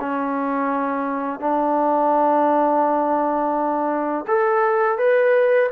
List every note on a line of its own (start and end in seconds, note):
0.00 1.40 C#4
1.40 4.25 D4
4.27 4.98 A4
4.98 5.70 B4